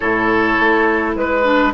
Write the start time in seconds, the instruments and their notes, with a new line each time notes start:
0.00 bassoon A2, clarinet E4, oboe A4, flute C#5
0.59 bassoon A3
1.15 bassoon G#3, flute B4, oboe B4
1.44 clarinet D4